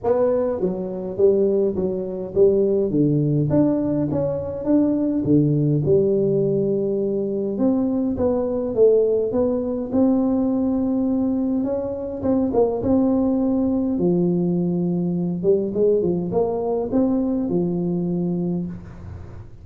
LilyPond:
\new Staff \with { instrumentName = "tuba" } { \time 4/4 \tempo 4 = 103 b4 fis4 g4 fis4 | g4 d4 d'4 cis'4 | d'4 d4 g2~ | g4 c'4 b4 a4 |
b4 c'2. | cis'4 c'8 ais8 c'2 | f2~ f8 g8 gis8 f8 | ais4 c'4 f2 | }